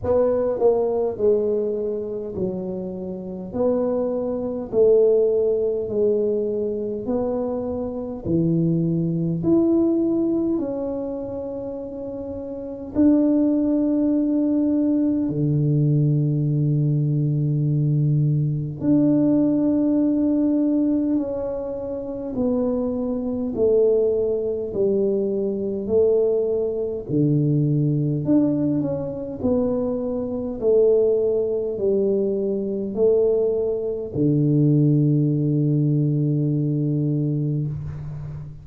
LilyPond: \new Staff \with { instrumentName = "tuba" } { \time 4/4 \tempo 4 = 51 b8 ais8 gis4 fis4 b4 | a4 gis4 b4 e4 | e'4 cis'2 d'4~ | d'4 d2. |
d'2 cis'4 b4 | a4 g4 a4 d4 | d'8 cis'8 b4 a4 g4 | a4 d2. | }